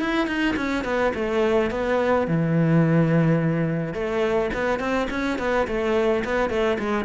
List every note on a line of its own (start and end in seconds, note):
0.00 0.27 E4
0.27 0.55 D#4
0.56 0.84 C#4
0.84 1.12 B3
1.14 1.70 A3
1.70 2.27 B3
2.27 3.93 E3
3.93 4.50 A3
4.54 4.79 B3
4.79 5.07 C4
5.10 5.38 C#4
5.38 5.67 B3
5.67 6.24 A3
6.24 6.49 B3
6.49 6.78 A3
6.79 7.04 G#3